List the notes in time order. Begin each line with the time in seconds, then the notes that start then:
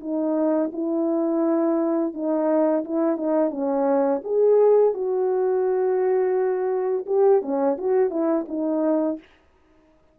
0.00 D#4
0.72 E4
2.14 D#4
2.85 E4
3.17 D#4
3.50 C#4
4.24 G#4
4.93 F#4
7.06 G4
7.41 C#4
7.78 F#4
8.10 E4
8.48 D#4